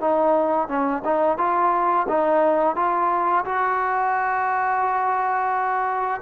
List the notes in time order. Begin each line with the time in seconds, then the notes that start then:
0.00 D#4
0.68 C#4
1.04 D#4
1.38 F4
2.08 D#4
2.76 F4
3.45 F#4